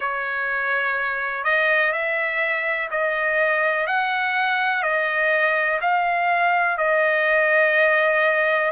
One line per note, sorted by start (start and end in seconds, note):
0.00 1.43 C#5
1.43 1.92 D#5
1.92 2.89 E5
2.90 3.87 D#5
3.87 4.82 F#5
4.82 5.79 D#5
5.81 6.77 F5
6.77 8.71 D#5